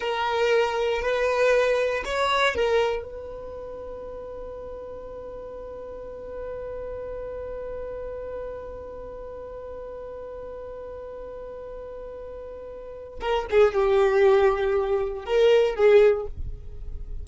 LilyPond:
\new Staff \with { instrumentName = "violin" } { \time 4/4 \tempo 4 = 118 ais'2 b'2 | cis''4 ais'4 b'2~ | b'1~ | b'1~ |
b'1~ | b'1~ | b'2 ais'8 gis'8 g'4~ | g'2 ais'4 gis'4 | }